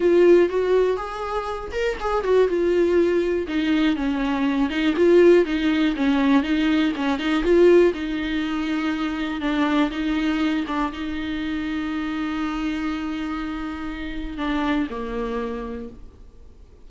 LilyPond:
\new Staff \with { instrumentName = "viola" } { \time 4/4 \tempo 4 = 121 f'4 fis'4 gis'4. ais'8 | gis'8 fis'8 f'2 dis'4 | cis'4. dis'8 f'4 dis'4 | cis'4 dis'4 cis'8 dis'8 f'4 |
dis'2. d'4 | dis'4. d'8 dis'2~ | dis'1~ | dis'4 d'4 ais2 | }